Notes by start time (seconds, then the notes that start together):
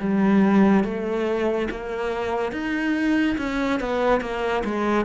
0.00 G3
0.84 A3
1.71 A#3
2.52 D#4
3.38 C#4
3.80 B3
4.21 A#3
4.65 G#3